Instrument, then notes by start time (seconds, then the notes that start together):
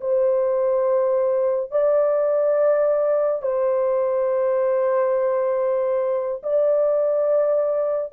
horn
0.00 C5
1.71 D5
3.42 C5
6.43 D5